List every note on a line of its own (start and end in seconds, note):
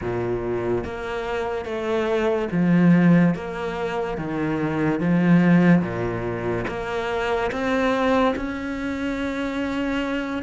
0.01 0.84 A#2
0.84 1.65 A#3
1.65 2.48 A3
2.51 3.34 F3
3.34 4.17 A#3
4.17 5.00 D#3
5.00 5.81 F3
5.81 6.64 A#2
6.67 7.51 A#3
7.51 8.34 C4
8.36 10.42 C#4